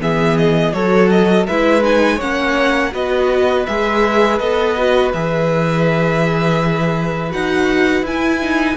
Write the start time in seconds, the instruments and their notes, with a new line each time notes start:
0.00 cello E3, viola B3, violin G#4 E5
0.38 violin D#5
0.73 cello F#3, viola F#4, violin A4 C#5
1.10 violin D#5
1.47 cello G#3, viola E4, violin B4 E5
1.83 viola D#4, violin G#5
2.17 cello A#3, viola C#4, violin C#5 F#5
2.92 cello B3, viola F#4, violin B4 D#5
3.66 cello G#3, viola G#4, violin E5
4.39 cello B3, viola A4, violin D#5
4.77 viola F#4
5.13 cello E3, viola G#4, violin E5
7.31 cello D#4, viola F#4, violin F#5
8.02 cello E4, violin G#5
8.09 viola E4
8.41 viola D#4